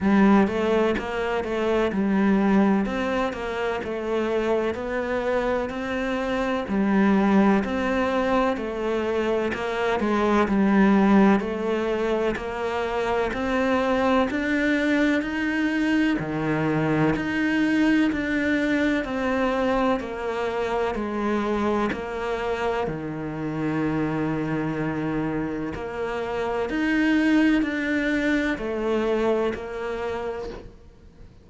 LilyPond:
\new Staff \with { instrumentName = "cello" } { \time 4/4 \tempo 4 = 63 g8 a8 ais8 a8 g4 c'8 ais8 | a4 b4 c'4 g4 | c'4 a4 ais8 gis8 g4 | a4 ais4 c'4 d'4 |
dis'4 dis4 dis'4 d'4 | c'4 ais4 gis4 ais4 | dis2. ais4 | dis'4 d'4 a4 ais4 | }